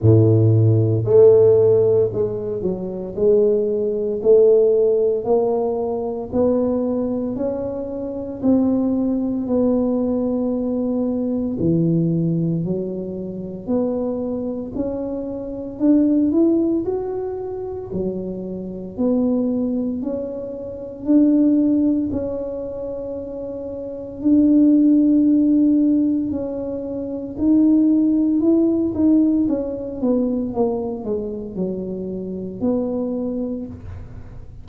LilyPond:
\new Staff \with { instrumentName = "tuba" } { \time 4/4 \tempo 4 = 57 a,4 a4 gis8 fis8 gis4 | a4 ais4 b4 cis'4 | c'4 b2 e4 | fis4 b4 cis'4 d'8 e'8 |
fis'4 fis4 b4 cis'4 | d'4 cis'2 d'4~ | d'4 cis'4 dis'4 e'8 dis'8 | cis'8 b8 ais8 gis8 fis4 b4 | }